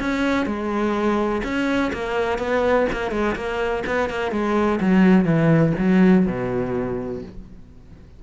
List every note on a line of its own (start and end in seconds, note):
0.00 0.46 C#4
0.46 1.42 G#3
1.44 1.92 C#4
1.93 2.39 A#3
2.39 2.87 B3
2.93 3.11 A#3
3.11 3.35 G#3
3.36 3.84 A#3
3.87 4.10 B3
4.10 4.32 A#3
4.32 4.80 G#3
4.80 5.25 F#3
5.25 5.73 E3
5.79 6.27 F#3
6.27 7.23 B2